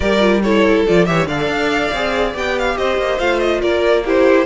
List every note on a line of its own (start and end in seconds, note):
0.00 0.86 G3
0.00 0.19 G4
0.00 0.42 A#4
0.00 0.42 D5
0.19 0.40 F4
0.42 0.87 E4
0.42 1.07 A4
0.42 0.84 C#5
0.87 1.08 F3
0.87 1.06 F4
0.87 1.05 D5
1.05 1.27 E3
1.05 1.27 G4
1.05 1.28 C#5
1.05 1.27 E5
1.27 1.47 D3
1.27 1.93 A4
1.27 2.77 D5
1.27 2.34 F5
1.47 1.89 D4
1.92 2.34 C4
1.92 2.34 G#4
2.34 2.76 B3
2.34 3.18 G4
2.34 2.58 G5
2.58 2.77 F5
2.77 2.98 C4
2.77 3.61 C5
2.77 3.18 D#5
2.98 3.19 A#3
3.18 3.62 A3
3.18 4.03 F4
3.18 3.39 F5
3.39 3.61 D#5
3.61 4.46 A#3
3.61 4.03 A#4
3.61 4.04 D5
4.05 4.46 E4
4.05 4.46 G4
4.05 4.46 C5